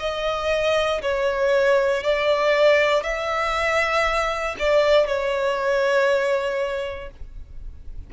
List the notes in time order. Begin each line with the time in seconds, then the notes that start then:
0.00 D#5
1.02 C#5
2.03 D5
3.03 E5
4.59 D5
5.07 C#5